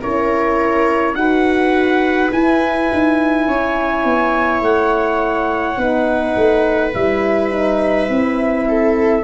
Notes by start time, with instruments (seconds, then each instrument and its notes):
0.00 tuba C#4, horn E4, viola A#4, trumpet C#5
1.14 tuba D#4, horn F#4, viola B4, trumpet F#5
2.31 horn E4, tuba E4, trumpet G#5
2.92 tuba D#4
3.46 tuba C#4, viola C#5
4.04 tuba B3
4.61 tuba A3, trumpet F#5
5.77 tuba B3, horn D#4, viola B4
6.36 tuba A3
6.94 tuba G3, horn E4, trumpet E5
7.51 horn D#4
8.07 tuba C4, horn E4
8.68 viola A4